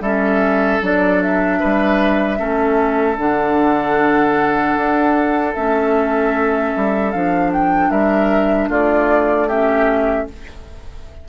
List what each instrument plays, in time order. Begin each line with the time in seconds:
0.00 bassoon G3, clarinet C#4, oboe A4, flute E5
0.81 bassoon F#3, clarinet D4, flute D5
1.22 flute E5
1.59 bassoon G3, oboe B4
2.37 bassoon A3, clarinet C#4, oboe A4
3.17 bassoon D3, clarinet D4, flute F#5
4.76 bassoon D4
5.54 bassoon A3, clarinet C#4, flute E5
6.75 bassoon G3
7.12 bassoon F3, clarinet D4, flute F5
7.52 flute G5
7.90 bassoon G3, oboe A#4, flute E5
8.68 bassoon A3, oboe F4, flute D5
9.47 clarinet C#4, oboe G4, flute E5